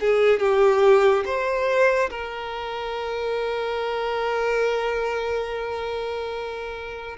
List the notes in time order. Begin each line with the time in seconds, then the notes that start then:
0.00 G#4
0.39 G4
1.25 C5
2.10 A#4